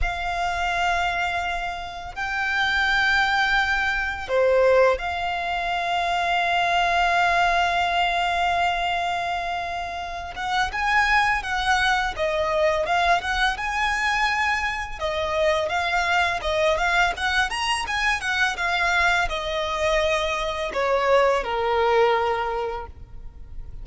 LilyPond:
\new Staff \with { instrumentName = "violin" } { \time 4/4 \tempo 4 = 84 f''2. g''4~ | g''2 c''4 f''4~ | f''1~ | f''2~ f''8 fis''8 gis''4 |
fis''4 dis''4 f''8 fis''8 gis''4~ | gis''4 dis''4 f''4 dis''8 f''8 | fis''8 ais''8 gis''8 fis''8 f''4 dis''4~ | dis''4 cis''4 ais'2 | }